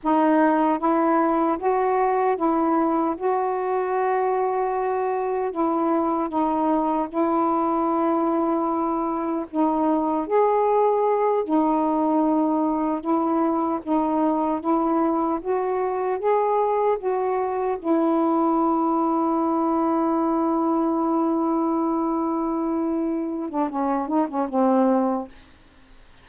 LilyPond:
\new Staff \with { instrumentName = "saxophone" } { \time 4/4 \tempo 4 = 76 dis'4 e'4 fis'4 e'4 | fis'2. e'4 | dis'4 e'2. | dis'4 gis'4. dis'4.~ |
dis'8 e'4 dis'4 e'4 fis'8~ | fis'8 gis'4 fis'4 e'4.~ | e'1~ | e'4.~ e'16 d'16 cis'8 dis'16 cis'16 c'4 | }